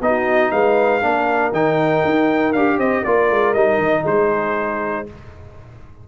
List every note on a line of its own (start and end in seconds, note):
0.00 0.50 B3
0.00 1.01 D#4
0.00 0.51 F#4
0.00 0.51 D#5
0.51 1.01 G#3
0.51 1.01 B4
0.51 1.51 F5
1.01 1.52 A#3
1.01 1.52 D4
1.01 2.77 A#4
1.52 2.02 D#3
1.52 2.54 D#4
1.52 2.52 G5
2.04 2.54 D#4
2.52 2.78 D4
2.52 3.05 G4
2.52 2.78 F5
2.78 3.03 C4
2.78 3.01 C5
2.78 3.04 D#5
3.01 3.30 A#3
3.01 3.55 F4
3.01 4.02 A#4
3.01 3.53 D5
3.30 3.54 G#3
3.53 3.78 G3
3.53 5.06 D#4
3.53 4.03 D#5
3.78 4.03 D#3
4.02 5.07 G#3
4.02 5.02 G#4
4.02 5.07 C5